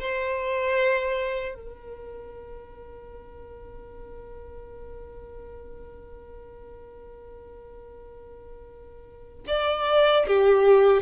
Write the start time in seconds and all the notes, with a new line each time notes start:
0.00 C5
1.55 A#4
9.48 D5
10.27 G4